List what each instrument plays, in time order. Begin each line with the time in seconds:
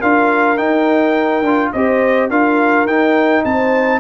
0.00 tuba D4, trombone F4, horn A#4, trumpet F5
0.58 trombone D#4, tuba D#4, trumpet G5
1.43 tuba D4, trombone F4
1.73 tuba C4, trombone G4, horn C5, trumpet D#5
2.30 tuba D4, trombone F4, horn A#4, trumpet F5
2.86 tuba D#4, trombone D#4, trumpet G5
3.45 tuba C4, horn C5, trumpet A5